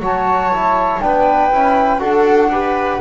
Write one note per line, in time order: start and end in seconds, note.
0.00 1.00 F#3
0.00 0.52 F#4
0.00 1.01 C#5
0.00 1.00 A5
0.52 1.00 E4
1.00 1.51 B3
1.00 1.50 D4
1.00 2.00 B4
1.00 2.00 G5
1.51 2.00 C#4
1.51 1.99 E4
1.99 3.00 D4
1.99 2.49 F#4
1.99 2.50 A4
1.99 3.00 F#5
2.51 3.00 G4
2.51 3.00 B4